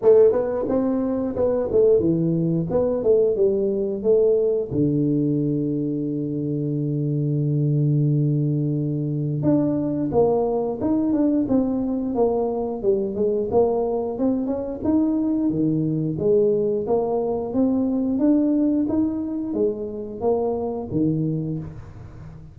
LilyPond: \new Staff \with { instrumentName = "tuba" } { \time 4/4 \tempo 4 = 89 a8 b8 c'4 b8 a8 e4 | b8 a8 g4 a4 d4~ | d1~ | d2 d'4 ais4 |
dis'8 d'8 c'4 ais4 g8 gis8 | ais4 c'8 cis'8 dis'4 dis4 | gis4 ais4 c'4 d'4 | dis'4 gis4 ais4 dis4 | }